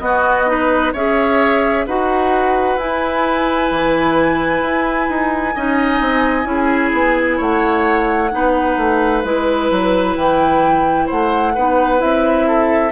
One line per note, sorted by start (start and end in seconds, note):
0.00 0.47 B3
0.00 0.93 B3
0.00 0.51 F#4
0.00 0.92 D#5
0.47 0.93 D#4
0.47 0.93 B4
0.93 1.86 C#4
0.93 1.88 G#4
0.93 1.86 C#5
0.93 1.87 E5
1.87 2.77 D#4
1.87 2.79 F#4
1.87 5.55 B4
1.87 2.79 F#5
2.77 3.69 E4
2.77 5.56 E4
2.77 7.40 G#5
3.71 4.62 E3
4.62 5.08 E4
5.10 5.56 D#4
5.55 6.01 C#4
5.55 6.45 D#4
5.55 6.48 D#5
6.01 6.45 C4
6.45 6.92 C#4
6.45 8.30 E4
6.51 7.38 G#4
6.94 7.40 B3
7.38 8.33 A3
7.38 8.30 C#5
7.38 9.23 F#5
8.32 8.78 B3
8.32 9.24 D#4
8.32 11.07 B4
8.78 9.24 A3
9.23 9.70 G#3
9.23 11.55 E4
9.23 10.16 B4
9.71 10.17 F#3
10.16 11.09 E3
10.16 11.09 G5
11.07 11.57 A3
11.07 11.53 C5
11.07 12.02 F#5
11.55 12.02 B3
11.55 11.98 D#4
11.55 12.47 B4
11.98 12.92 C4
11.98 12.91 E4
11.98 12.92 E5
12.47 12.92 A4